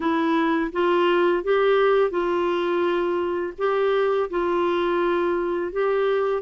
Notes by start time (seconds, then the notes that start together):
0.00 E4
0.72 F4
1.43 G4
2.10 F4
3.57 G4
4.30 F4
5.72 G4